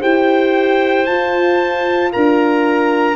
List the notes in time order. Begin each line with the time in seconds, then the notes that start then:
0.00 E4 G4 C5 G5
1.06 F4 A5
2.12 D4 A#4 A#5